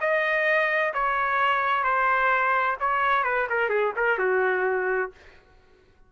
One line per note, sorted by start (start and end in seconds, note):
0.00 0.93 D#5
0.93 1.84 C#5
1.84 2.77 C5
2.80 3.23 C#5
3.23 3.47 B4
3.49 3.69 A#4
3.69 3.92 G#4
3.96 4.18 A#4
4.18 5.11 F#4